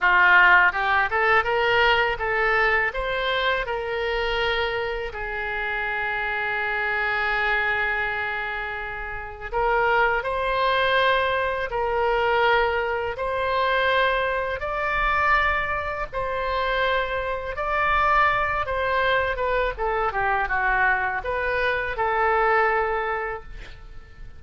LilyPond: \new Staff \with { instrumentName = "oboe" } { \time 4/4 \tempo 4 = 82 f'4 g'8 a'8 ais'4 a'4 | c''4 ais'2 gis'4~ | gis'1~ | gis'4 ais'4 c''2 |
ais'2 c''2 | d''2 c''2 | d''4. c''4 b'8 a'8 g'8 | fis'4 b'4 a'2 | }